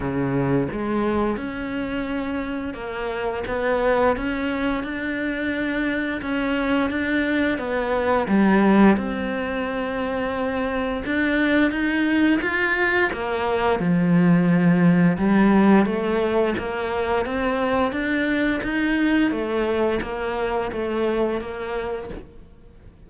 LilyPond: \new Staff \with { instrumentName = "cello" } { \time 4/4 \tempo 4 = 87 cis4 gis4 cis'2 | ais4 b4 cis'4 d'4~ | d'4 cis'4 d'4 b4 | g4 c'2. |
d'4 dis'4 f'4 ais4 | f2 g4 a4 | ais4 c'4 d'4 dis'4 | a4 ais4 a4 ais4 | }